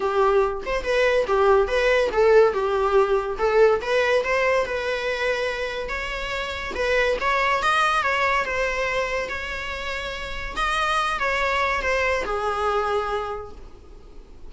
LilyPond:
\new Staff \with { instrumentName = "viola" } { \time 4/4 \tempo 4 = 142 g'4. c''8 b'4 g'4 | b'4 a'4 g'2 | a'4 b'4 c''4 b'4~ | b'2 cis''2 |
b'4 cis''4 dis''4 cis''4 | c''2 cis''2~ | cis''4 dis''4. cis''4. | c''4 gis'2. | }